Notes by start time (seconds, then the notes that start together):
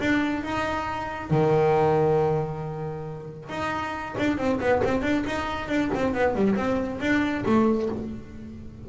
0.00 D4
0.44 D#4
1.31 D#3
3.49 D#4
4.19 D4
4.38 C4
4.61 B3
4.84 C4
5.02 D4
5.27 D#4
5.69 D4
5.95 C4
6.14 B3
6.36 G3
6.56 C4
7.01 D4
7.46 A3